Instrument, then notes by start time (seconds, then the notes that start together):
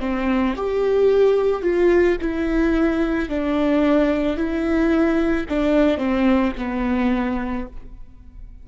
viola
0.00 C4
0.56 G4
1.62 F4
2.21 E4
3.29 D4
4.37 E4
5.49 D4
5.98 C4
6.58 B3